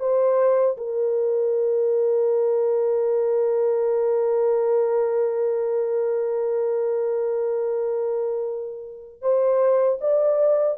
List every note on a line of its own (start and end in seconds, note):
0.00 0.77 C5
0.78 9.22 A#4
9.22 9.99 C5
10.01 10.78 D5